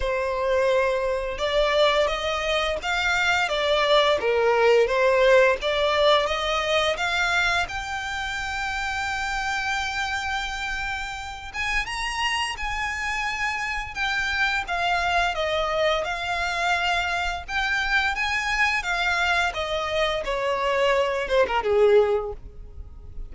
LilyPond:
\new Staff \with { instrumentName = "violin" } { \time 4/4 \tempo 4 = 86 c''2 d''4 dis''4 | f''4 d''4 ais'4 c''4 | d''4 dis''4 f''4 g''4~ | g''1~ |
g''8 gis''8 ais''4 gis''2 | g''4 f''4 dis''4 f''4~ | f''4 g''4 gis''4 f''4 | dis''4 cis''4. c''16 ais'16 gis'4 | }